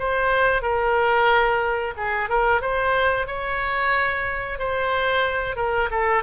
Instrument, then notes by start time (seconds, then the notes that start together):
oboe
0.00 C5
0.62 A#4
1.97 G#4
2.30 A#4
2.62 C5
3.27 C#5
4.59 C5
5.57 A#4
5.91 A4